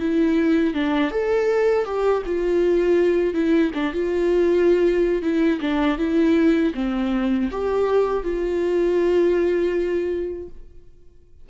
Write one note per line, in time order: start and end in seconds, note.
0.00 0.74 E4
0.74 1.11 D4
1.11 1.85 A4
1.85 2.23 G4
2.26 3.34 F4
3.34 3.72 E4
3.75 3.93 D4
3.93 5.23 F4
5.23 5.60 E4
5.61 5.98 D4
5.98 6.73 E4
6.75 7.50 C4
7.51 8.24 G4
8.24 10.49 F4